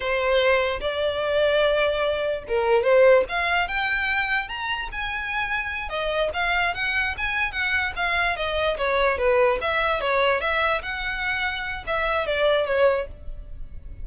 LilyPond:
\new Staff \with { instrumentName = "violin" } { \time 4/4 \tempo 4 = 147 c''2 d''2~ | d''2 ais'4 c''4 | f''4 g''2 ais''4 | gis''2~ gis''8 dis''4 f''8~ |
f''8 fis''4 gis''4 fis''4 f''8~ | f''8 dis''4 cis''4 b'4 e''8~ | e''8 cis''4 e''4 fis''4.~ | fis''4 e''4 d''4 cis''4 | }